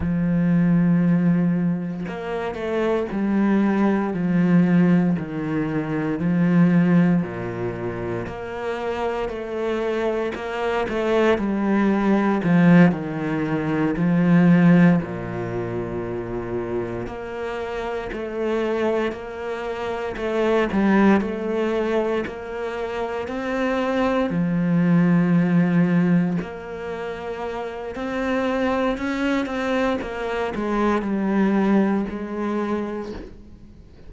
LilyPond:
\new Staff \with { instrumentName = "cello" } { \time 4/4 \tempo 4 = 58 f2 ais8 a8 g4 | f4 dis4 f4 ais,4 | ais4 a4 ais8 a8 g4 | f8 dis4 f4 ais,4.~ |
ais,8 ais4 a4 ais4 a8 | g8 a4 ais4 c'4 f8~ | f4. ais4. c'4 | cis'8 c'8 ais8 gis8 g4 gis4 | }